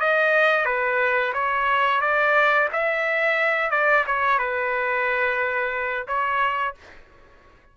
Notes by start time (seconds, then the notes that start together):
0.00 D#5
0.65 B4
1.33 C#5
2.01 D5
2.72 E5
3.70 D5
4.06 C#5
4.39 B4
6.07 C#5